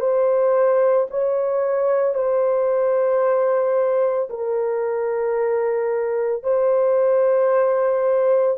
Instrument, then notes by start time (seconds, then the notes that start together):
horn
0.00 C5
1.11 C#5
2.15 C5
4.30 A#4
6.43 C5